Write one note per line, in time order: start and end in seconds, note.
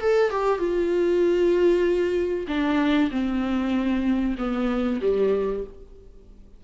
0.00 0.30 A4
0.30 0.59 G4
0.59 2.46 F4
2.47 3.10 D4
3.11 4.36 C4
4.38 5.00 B3
5.01 5.64 G3